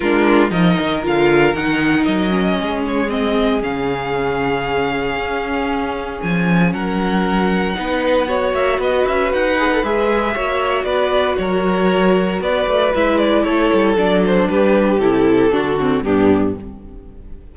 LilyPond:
<<
  \new Staff \with { instrumentName = "violin" } { \time 4/4 \tempo 4 = 116 ais'4 dis''4 f''4 fis''4 | dis''4. cis''8 dis''4 f''4~ | f''1 | gis''4 fis''2.~ |
fis''8 e''8 dis''8 e''8 fis''4 e''4~ | e''4 d''4 cis''2 | d''4 e''8 d''8 cis''4 d''8 c''8 | b'4 a'2 g'4 | }
  \new Staff \with { instrumentName = "violin" } { \time 4/4 f'4 ais'2.~ | ais'4 gis'2.~ | gis'1~ | gis'4 ais'2 b'4 |
cis''4 b'2. | cis''4 b'4 ais'2 | b'2 a'2 | g'2 fis'4 d'4 | }
  \new Staff \with { instrumentName = "viola" } { \time 4/4 d'4 dis'4 f'4 dis'4~ | dis'8 cis'4. c'4 cis'4~ | cis'1~ | cis'2. dis'4 |
fis'2~ fis'8 gis'16 a'16 gis'4 | fis'1~ | fis'4 e'2 d'4~ | d'4 e'4 d'8 c'8 b4 | }
  \new Staff \with { instrumentName = "cello" } { \time 4/4 gis4 f8 dis8 d4 dis4 | fis4 gis2 cis4~ | cis2 cis'2 | f4 fis2 b4~ |
b8 ais8 b8 cis'8 dis'4 gis4 | ais4 b4 fis2 | b8 a8 gis4 a8 g8 fis4 | g4 c4 d4 g,4 | }
>>